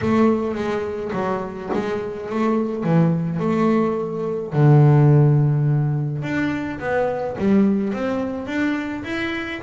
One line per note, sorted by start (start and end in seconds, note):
0.01 0.55 A3
0.55 1.11 G#3
1.12 1.69 F#3
1.73 2.29 G#3
2.29 2.83 A3
2.83 3.39 E3
3.39 4.53 A3
4.53 6.22 D3
6.22 6.79 D4
6.79 7.36 B3
7.38 7.93 G3
7.93 8.46 C4
8.46 9.03 D4
9.03 9.60 E4